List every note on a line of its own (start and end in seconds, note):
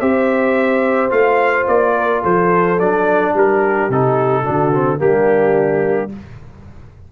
0.00 1.11 C4
0.00 1.10 G4
0.00 1.95 C5
0.00 1.11 E5
1.10 1.67 A3
1.10 2.77 F4
1.10 1.67 F5
1.68 2.23 A#3
1.68 2.23 D5
1.97 2.22 A#4
2.22 2.80 F3
2.22 3.33 A4
2.22 2.80 C5
2.80 3.34 F#3
2.80 3.91 D4
2.80 3.35 D5
3.34 3.89 G3
3.34 4.43 G4
3.34 3.91 A#4
3.89 4.45 C3
3.89 4.45 D#4
3.89 5.00 A4
4.43 5.01 D3
4.43 4.73 D4
4.43 4.99 F#4
4.74 4.98 C4
4.98 6.12 G3
4.98 6.09 A#3
4.98 6.12 D4
4.98 6.12 G4